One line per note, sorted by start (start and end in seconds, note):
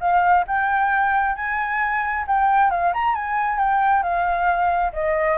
0.00 0.45 F5
0.47 1.36 G5
1.36 2.25 G#5
2.27 2.71 G5
2.71 2.93 F5
2.94 3.15 A#5
3.15 3.58 G#5
3.58 4.03 G5
4.03 4.92 F5
4.93 5.38 D#5